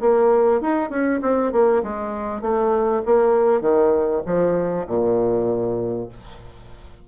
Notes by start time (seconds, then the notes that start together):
0.00 A#3
0.61 D#4
0.90 C#4
1.22 C4
1.52 A#3
1.83 G#3
2.41 A3
3.05 A#3
3.61 D#3
4.25 F3
4.87 A#2